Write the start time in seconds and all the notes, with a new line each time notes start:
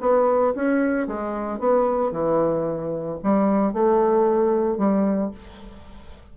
0.00 B3
0.55 C#4
1.07 G#3
1.59 B3
2.11 E3
3.23 G3
3.73 A3
4.77 G3